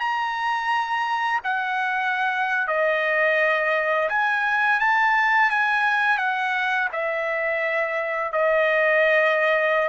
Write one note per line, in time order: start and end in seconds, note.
0.00 1.41 A#5
1.44 2.68 F#5
2.68 4.09 D#5
4.10 4.80 G#5
4.80 5.51 A5
5.51 6.19 G#5
6.19 6.89 F#5
6.93 8.33 E5
8.33 9.89 D#5